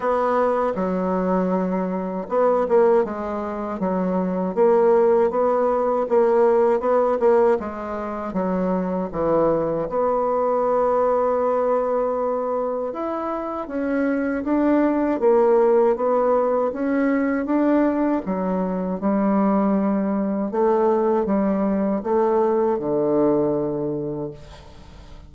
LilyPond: \new Staff \with { instrumentName = "bassoon" } { \time 4/4 \tempo 4 = 79 b4 fis2 b8 ais8 | gis4 fis4 ais4 b4 | ais4 b8 ais8 gis4 fis4 | e4 b2.~ |
b4 e'4 cis'4 d'4 | ais4 b4 cis'4 d'4 | fis4 g2 a4 | g4 a4 d2 | }